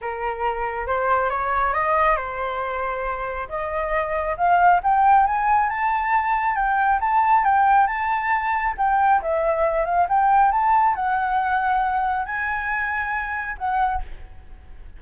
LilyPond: \new Staff \with { instrumentName = "flute" } { \time 4/4 \tempo 4 = 137 ais'2 c''4 cis''4 | dis''4 c''2. | dis''2 f''4 g''4 | gis''4 a''2 g''4 |
a''4 g''4 a''2 | g''4 e''4. f''8 g''4 | a''4 fis''2. | gis''2. fis''4 | }